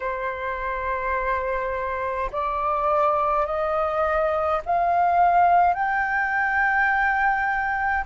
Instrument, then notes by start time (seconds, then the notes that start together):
flute
0.00 C5
2.32 D5
3.46 D#5
4.65 F5
5.74 G5